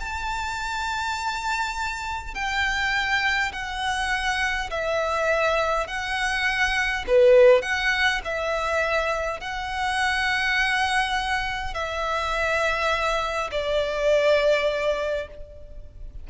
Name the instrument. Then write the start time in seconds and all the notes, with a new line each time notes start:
violin
0.00 A5
2.35 G5
3.53 F#5
4.71 E5
5.88 F#5
7.07 B4
7.63 F#5
8.25 E5
9.41 F#5
11.74 E5
13.51 D5